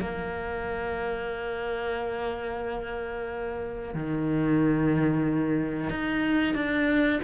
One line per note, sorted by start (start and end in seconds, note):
0.00 3.94 A#3
3.94 5.90 D#3
5.90 6.55 D#4
6.55 7.20 D4